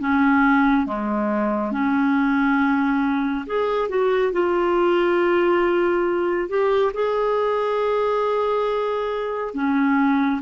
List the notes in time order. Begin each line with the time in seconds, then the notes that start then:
0.00 C#4
0.87 G#3
1.72 C#4
3.47 G#4
3.89 F#4
4.33 F4
6.49 G4
6.94 G#4
9.55 C#4